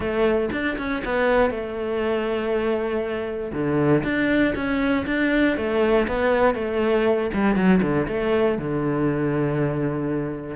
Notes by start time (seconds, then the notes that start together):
0.00 A3
0.52 D4
0.77 C#4
1.04 B3
1.50 A3
3.52 D3
4.03 D4
4.55 C#4
5.06 D4
5.56 A3
6.07 B3
6.54 A3
7.33 G3
7.55 F#3
7.82 D3
8.07 A3
8.58 D3